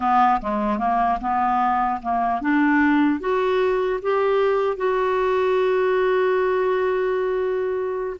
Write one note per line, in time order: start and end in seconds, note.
0.00 0.40 B3
0.41 0.78 G#3
0.78 1.18 A#3
1.20 2.00 B3
2.01 2.41 A#3
2.41 3.20 D4
3.20 4.00 F#4
4.01 4.76 G4
4.76 8.16 F#4